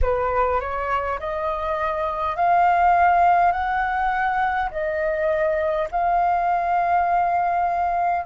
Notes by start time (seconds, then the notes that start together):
0.01 B4
0.60 C#5
1.19 D#5
2.36 F5
3.52 F#5
4.71 D#5
5.91 F5